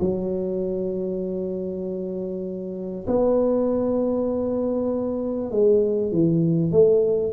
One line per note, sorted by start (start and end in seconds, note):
0.00 3.06 F#3
3.07 5.51 B3
5.51 6.12 G#3
6.12 6.72 E3
6.72 7.33 A3